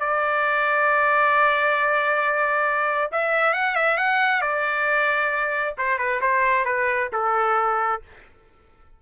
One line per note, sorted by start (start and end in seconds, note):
0.00 3.11 D5
3.12 3.54 E5
3.54 3.76 F#5
3.76 3.98 E5
3.98 4.42 F#5
4.42 5.75 D5
5.78 5.99 C5
5.99 6.21 B4
6.21 6.65 C5
6.65 7.10 B4
7.13 8.02 A4